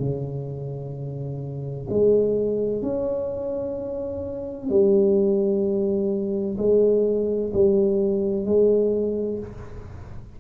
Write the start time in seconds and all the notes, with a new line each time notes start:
0.00 C#3
1.90 G#3
2.83 C#4
4.70 G3
6.58 G#3
7.54 G3
8.45 G#3